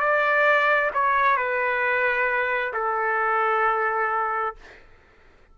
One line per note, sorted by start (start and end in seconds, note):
0.00 0.91 D5
0.94 1.37 C#5
1.37 2.73 B4
2.74 4.55 A4